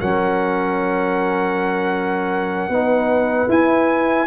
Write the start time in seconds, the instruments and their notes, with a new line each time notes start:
0.00 tuba F#3, trombone C#4, horn A#4, trumpet F#5
2.69 tuba B3, trombone D#4, horn B4
3.49 trombone E4, tuba E4, trumpet G#5